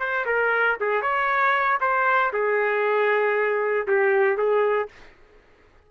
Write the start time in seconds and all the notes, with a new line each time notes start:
0.00 C5
0.26 A#4
0.80 G#4
1.02 C#5
1.81 C5
2.33 G#4
3.88 G4
4.38 G#4